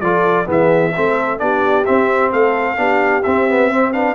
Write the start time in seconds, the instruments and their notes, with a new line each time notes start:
0.00 tuba F3, trombone F4, horn A4, trumpet D5
0.45 tuba E3, trombone B3, horn G#4, trumpet E5
0.96 tuba A3, trombone C4, horn A4
1.38 tuba B3, trombone D4, horn G4, trumpet D5
1.85 trombone C4, tuba C4, trumpet E5
2.32 tuba A3, horn A4, trumpet F5
2.76 tuba B3, trombone D4, horn G4
3.23 trombone C4, tuba C4, trumpet E5
3.49 trombone B3
3.71 trombone C4, horn C5
3.92 trombone D4, horn B4, trumpet F5